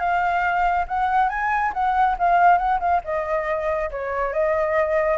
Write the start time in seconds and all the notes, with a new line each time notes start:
0.00 F5
0.88 F#5
1.29 G#5
1.74 F#5
2.19 F5
2.58 F#5
2.81 F5
3.05 D#5
3.91 C#5
4.33 D#5